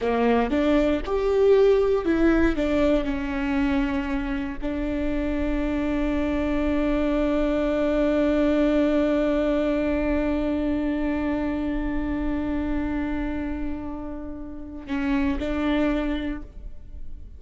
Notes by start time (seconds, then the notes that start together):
0.01 A#3
0.50 D4
1.05 G4
2.05 E4
2.56 D4
3.04 C#4
4.61 D4
14.87 C#4
15.39 D4